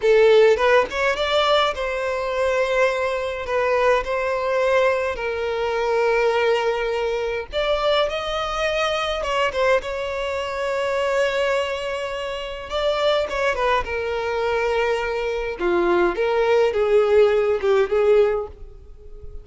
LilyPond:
\new Staff \with { instrumentName = "violin" } { \time 4/4 \tempo 4 = 104 a'4 b'8 cis''8 d''4 c''4~ | c''2 b'4 c''4~ | c''4 ais'2.~ | ais'4 d''4 dis''2 |
cis''8 c''8 cis''2.~ | cis''2 d''4 cis''8 b'8 | ais'2. f'4 | ais'4 gis'4. g'8 gis'4 | }